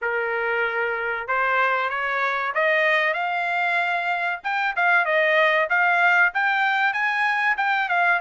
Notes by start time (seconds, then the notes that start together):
0.01 A#4
1.27 C5
1.89 C#5
2.54 D#5
3.13 F5
4.43 G5
4.75 F5
5.05 D#5
5.69 F5
6.33 G5
6.93 G#5
7.57 G5
7.88 F5